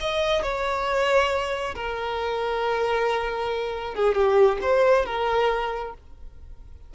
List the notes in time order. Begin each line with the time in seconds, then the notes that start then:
0.00 D#5
0.42 C#5
1.75 A#4
3.94 G#4
4.15 G4
4.61 C5
5.05 A#4